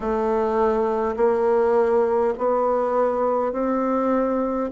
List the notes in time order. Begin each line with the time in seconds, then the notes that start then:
0.00 A3
1.16 A#3
2.38 B3
3.52 C4